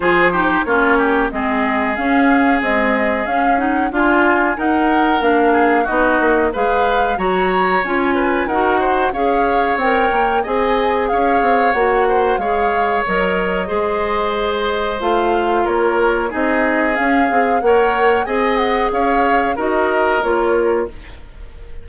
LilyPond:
<<
  \new Staff \with { instrumentName = "flute" } { \time 4/4 \tempo 4 = 92 c''4 cis''4 dis''4 f''4 | dis''4 f''8 fis''8 gis''4 fis''4 | f''4 dis''4 f''4 ais''4 | gis''4 fis''4 f''4 g''4 |
gis''4 f''4 fis''4 f''4 | dis''2. f''4 | cis''4 dis''4 f''4 fis''4 | gis''8 fis''8 f''4 dis''4 cis''4 | }
  \new Staff \with { instrumentName = "oboe" } { \time 4/4 gis'8 g'8 f'8 g'8 gis'2~ | gis'2 f'4 ais'4~ | ais'8 gis'8 fis'4 b'4 cis''4~ | cis''8 b'8 ais'8 c''8 cis''2 |
dis''4 cis''4. c''8 cis''4~ | cis''4 c''2. | ais'4 gis'2 cis''4 | dis''4 cis''4 ais'2 | }
  \new Staff \with { instrumentName = "clarinet" } { \time 4/4 f'8 dis'8 cis'4 c'4 cis'4 | gis4 cis'8 dis'8 f'4 dis'4 | d'4 dis'4 gis'4 fis'4 | f'4 fis'4 gis'4 ais'4 |
gis'2 fis'4 gis'4 | ais'4 gis'2 f'4~ | f'4 dis'4 cis'8 gis'8 ais'4 | gis'2 fis'4 f'4 | }
  \new Staff \with { instrumentName = "bassoon" } { \time 4/4 f4 ais4 gis4 cis'4 | c'4 cis'4 d'4 dis'4 | ais4 b8 ais8 gis4 fis4 | cis'4 dis'4 cis'4 c'8 ais8 |
c'4 cis'8 c'8 ais4 gis4 | fis4 gis2 a4 | ais4 c'4 cis'8 c'8 ais4 | c'4 cis'4 dis'4 ais4 | }
>>